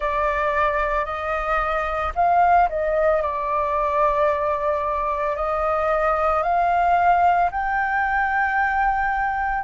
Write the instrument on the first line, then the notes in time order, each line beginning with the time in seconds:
flute
0.00 D5
1.05 D#5
2.15 F5
2.69 D#5
3.21 D5
5.36 D#5
6.42 F5
7.50 G5